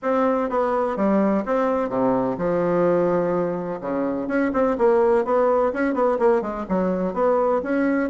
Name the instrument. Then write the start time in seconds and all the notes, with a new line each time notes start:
bassoon
0.02 C4
0.49 B3
0.96 G3
1.45 C4
1.89 C3
2.37 F3
3.81 C#3
4.27 C#4
4.53 C4
4.77 A#3
5.24 B3
5.73 C#4
5.94 B3
6.18 A#3
6.41 G#3
6.68 F#3
7.13 B3
7.62 C#4